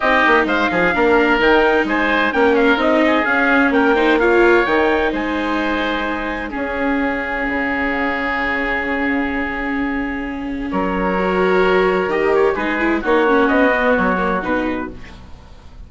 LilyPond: <<
  \new Staff \with { instrumentName = "trumpet" } { \time 4/4 \tempo 4 = 129 dis''4 f''2 g''4 | gis''4 g''8 f''8 dis''4 f''4 | g''4 f''4 g''4 gis''4~ | gis''2 f''2~ |
f''1~ | f''2. cis''4~ | cis''2 dis''8 cis''8 b'4 | cis''4 dis''4 cis''4 b'4 | }
  \new Staff \with { instrumentName = "oboe" } { \time 4/4 g'4 c''8 gis'8 ais'2 | c''4 ais'4. gis'4. | ais'8 c''8 cis''2 c''4~ | c''2 gis'2~ |
gis'1~ | gis'2. ais'4~ | ais'2. gis'4 | fis'1 | }
  \new Staff \with { instrumentName = "viola" } { \time 4/4 dis'2 d'4 dis'4~ | dis'4 cis'4 dis'4 cis'4~ | cis'8 dis'8 f'4 dis'2~ | dis'2 cis'2~ |
cis'1~ | cis'1 | fis'2 g'4 dis'8 e'8 | dis'8 cis'4 b4 ais8 dis'4 | }
  \new Staff \with { instrumentName = "bassoon" } { \time 4/4 c'8 ais8 gis8 f8 ais4 dis4 | gis4 ais4 c'4 cis'4 | ais2 dis4 gis4~ | gis2 cis'2 |
cis1~ | cis2. fis4~ | fis2 dis4 gis4 | ais4 b4 fis4 b,4 | }
>>